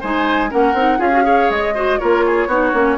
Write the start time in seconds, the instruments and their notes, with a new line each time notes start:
0.00 bassoon G#3, clarinet D#4, oboe C5, flute G#5
0.49 bassoon A#3, clarinet C#4, oboe A#4, flute F#5
0.73 bassoon C4, clarinet D#4
0.98 bassoon C#4, clarinet F4, oboe G#4, flute F5
1.11 clarinet F#4
1.23 clarinet G#4, oboe C#5
1.50 bassoon G#3, flute D#5
1.74 clarinet F#4, oboe C5
1.98 bassoon A#3, clarinet F4, oboe A#4, flute C#5
2.25 oboe G#4
2.46 bassoon B3, clarinet D#4, oboe F#4
2.73 bassoon A#3, clarinet C#4